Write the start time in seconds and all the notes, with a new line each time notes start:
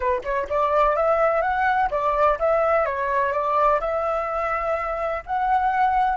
0.00 B4
0.24 C#5
0.49 D5
0.96 E5
1.41 F#5
1.90 D5
2.39 E5
2.85 C#5
3.32 D5
3.80 E5
5.26 F#5